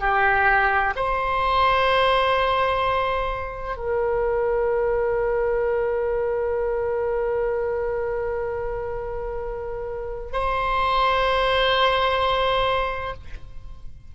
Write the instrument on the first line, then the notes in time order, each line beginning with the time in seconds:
oboe
0.00 G4
0.96 C5
3.77 A#4
10.33 C5